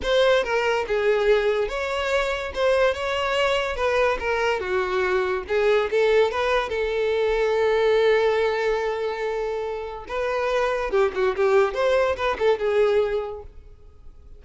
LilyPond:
\new Staff \with { instrumentName = "violin" } { \time 4/4 \tempo 4 = 143 c''4 ais'4 gis'2 | cis''2 c''4 cis''4~ | cis''4 b'4 ais'4 fis'4~ | fis'4 gis'4 a'4 b'4 |
a'1~ | a'1 | b'2 g'8 fis'8 g'4 | c''4 b'8 a'8 gis'2 | }